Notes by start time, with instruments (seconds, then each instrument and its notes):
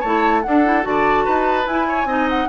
0.00 bassoon A3, clarinet E4, oboe C#5, flute A5
0.42 clarinet D4, bassoon D4, oboe A4, flute F#5
0.65 clarinet E4
0.82 bassoon D3, clarinet F#4, flute A5
0.88 oboe D5
1.25 bassoon D#4, oboe B4
1.66 bassoon E4, clarinet E4, flute G#5
1.88 oboe C#5
2.05 bassoon C4, clarinet D#4, oboe D#5
2.29 flute F#5